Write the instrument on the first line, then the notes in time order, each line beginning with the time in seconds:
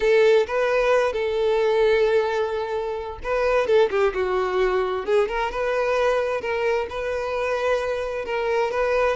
violin
0.00 A4
0.47 B4
1.12 A4
3.23 B4
3.66 A4
3.90 G4
4.14 F#4
5.05 G#4
5.28 A#4
5.51 B4
6.41 A#4
6.89 B4
8.25 A#4
8.71 B4